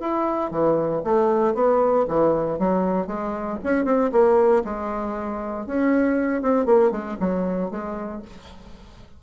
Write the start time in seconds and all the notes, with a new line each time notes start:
0.00 E4
0.51 E3
1.04 A3
1.55 B3
2.08 E3
2.59 F#3
3.07 G#3
3.64 C#4
3.85 C4
4.12 A#3
4.64 G#3
5.66 C#4
6.42 C4
6.66 A#3
6.91 G#3
7.20 F#3
7.71 G#3